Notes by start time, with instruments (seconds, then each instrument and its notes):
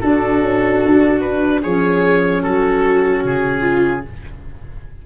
0.00 saxophone D4, tuba D4, viola F#4, oboe A4
0.41 tuba C#4
0.85 tuba D4
1.21 oboe B4
1.62 tuba F3, saxophone C#4, viola G#4, oboe C#5
2.42 tuba F#3, viola F#4, oboe A4
3.24 tuba C#3, oboe G#4
3.60 viola F4